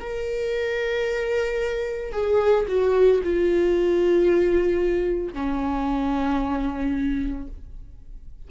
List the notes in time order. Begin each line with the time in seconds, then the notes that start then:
0.00 A#4
2.13 G#4
2.68 F#4
3.24 F4
5.33 C#4